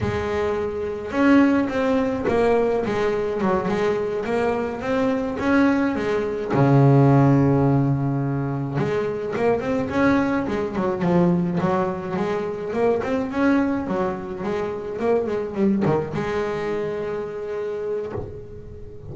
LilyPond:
\new Staff \with { instrumentName = "double bass" } { \time 4/4 \tempo 4 = 106 gis2 cis'4 c'4 | ais4 gis4 fis8 gis4 ais8~ | ais8 c'4 cis'4 gis4 cis8~ | cis2.~ cis8 gis8~ |
gis8 ais8 c'8 cis'4 gis8 fis8 f8~ | f8 fis4 gis4 ais8 c'8 cis'8~ | cis'8 fis4 gis4 ais8 gis8 g8 | dis8 gis2.~ gis8 | }